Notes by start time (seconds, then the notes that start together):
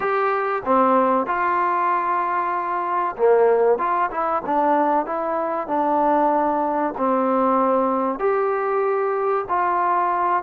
0.00 G4
0.65 C4
1.26 F4
3.16 A#3
3.78 F4
4.11 E4
4.46 D4
5.06 E4
5.67 D4
6.97 C4
8.19 G4
9.48 F4